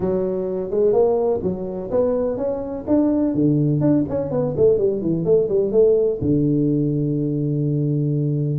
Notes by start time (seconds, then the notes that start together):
0.00 F#3
0.70 G#3
0.92 A#3
1.42 F#3
1.90 B3
2.37 C#4
2.87 D4
3.34 D3
3.80 D4
4.09 C#4
4.31 B3
4.56 A3
4.77 G3
5.01 E3
5.24 A3
5.48 G3
5.71 A3
6.21 D3